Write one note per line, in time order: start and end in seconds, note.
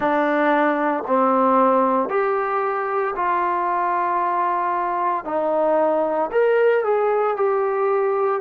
0.00 1.03 D4
1.06 2.09 C4
2.09 3.14 G4
3.15 5.24 F4
5.24 6.30 D#4
6.31 6.84 A#4
6.84 7.36 G#4
7.36 8.41 G4